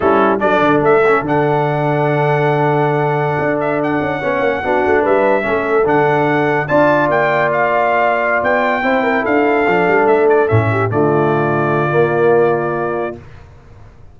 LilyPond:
<<
  \new Staff \with { instrumentName = "trumpet" } { \time 4/4 \tempo 4 = 146 a'4 d''4 e''4 fis''4~ | fis''1~ | fis''8. e''8 fis''2~ fis''8.~ | fis''16 e''2 fis''4.~ fis''16~ |
fis''16 a''4 g''4 f''4.~ f''16~ | f''8 g''2 f''4.~ | f''8 e''8 d''8 e''4 d''4.~ | d''1 | }
  \new Staff \with { instrumentName = "horn" } { \time 4/4 e'4 a'2.~ | a'1~ | a'2~ a'16 cis''4 fis'8.~ | fis'16 b'4 a'2~ a'8.~ |
a'16 d''2.~ d''8.~ | d''4. c''8 ais'8 a'4.~ | a'2 g'8 f'4.~ | f'1 | }
  \new Staff \with { instrumentName = "trombone" } { \time 4/4 cis'4 d'4. cis'8 d'4~ | d'1~ | d'2~ d'16 cis'4 d'8.~ | d'4~ d'16 cis'4 d'4.~ d'16~ |
d'16 f'2.~ f'8.~ | f'4. e'2 d'8~ | d'4. cis'4 a4.~ | a4 ais2. | }
  \new Staff \with { instrumentName = "tuba" } { \time 4/4 g4 fis8 d8 a4 d4~ | d1~ | d16 d'4. cis'8 b8 ais8 b8 a16~ | a16 g4 a4 d4.~ d16~ |
d16 d'4 ais2~ ais8.~ | ais8 b4 c'4 d'4 f8 | g8 a4 a,4 d4.~ | d4 ais2. | }
>>